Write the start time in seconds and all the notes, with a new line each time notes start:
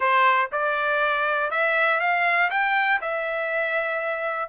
0.00 C5
0.52 D5
1.50 E5
2.00 F5
2.50 G5
3.01 E5